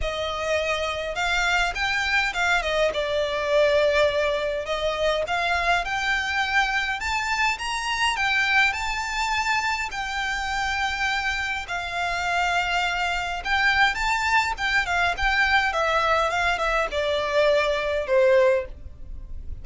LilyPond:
\new Staff \with { instrumentName = "violin" } { \time 4/4 \tempo 4 = 103 dis''2 f''4 g''4 | f''8 dis''8 d''2. | dis''4 f''4 g''2 | a''4 ais''4 g''4 a''4~ |
a''4 g''2. | f''2. g''4 | a''4 g''8 f''8 g''4 e''4 | f''8 e''8 d''2 c''4 | }